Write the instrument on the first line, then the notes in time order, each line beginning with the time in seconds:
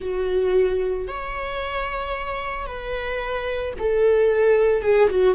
viola
0.00 F#4
1.07 C#5
2.66 B4
3.78 A4
4.82 G#4
5.09 F#4